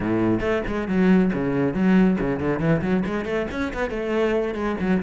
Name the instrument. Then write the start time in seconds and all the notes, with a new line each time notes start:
cello
0.00 A2
0.40 A3
0.67 G#3
0.88 F#3
1.33 C#3
1.74 F#3
2.20 C#3
2.40 D3
2.59 E3
2.81 F#3
3.06 G#3
3.25 A3
3.51 C#4
3.73 B3
3.90 A3
4.54 G#3
4.80 F#3